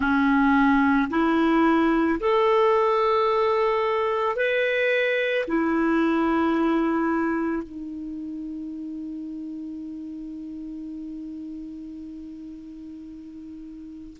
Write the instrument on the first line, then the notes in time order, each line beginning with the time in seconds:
clarinet
0.00 C#4
1.10 E4
2.20 A4
4.36 B4
5.47 E4
7.62 D#4